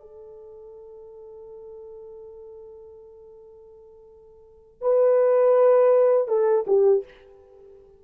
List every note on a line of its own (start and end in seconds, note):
0.00 4.81 A4
4.81 6.28 B4
6.28 6.65 A4
6.67 7.04 G4